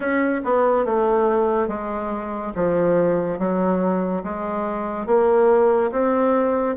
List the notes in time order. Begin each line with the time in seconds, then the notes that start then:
0.00 C#4
0.44 B3
0.85 A3
1.68 G#3
2.55 F3
3.38 F#3
4.23 G#3
5.06 A#3
5.91 C4